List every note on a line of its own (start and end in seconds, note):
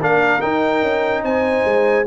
0.00 0.42 A#3
0.00 0.40 D4
0.00 1.23 A#4
0.00 0.41 F5
0.40 2.05 D#4
0.40 0.82 D#4
0.40 1.23 G5
0.82 1.23 C#4
1.23 1.64 C4
1.23 2.07 C5
1.23 2.06 G#5
1.64 2.06 G#3